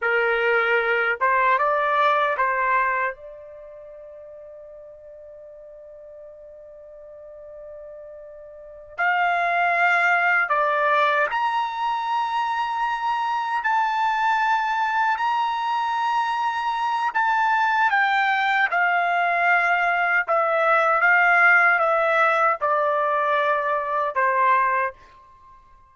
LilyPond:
\new Staff \with { instrumentName = "trumpet" } { \time 4/4 \tempo 4 = 77 ais'4. c''8 d''4 c''4 | d''1~ | d''2.~ d''8 f''8~ | f''4. d''4 ais''4.~ |
ais''4. a''2 ais''8~ | ais''2 a''4 g''4 | f''2 e''4 f''4 | e''4 d''2 c''4 | }